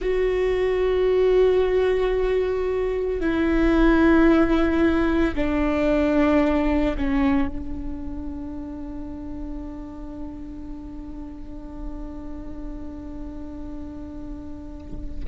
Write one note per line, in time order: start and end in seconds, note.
0.00 3.20 F#4
3.20 5.34 E4
5.35 6.95 D4
6.97 7.48 C#4
7.48 15.24 D4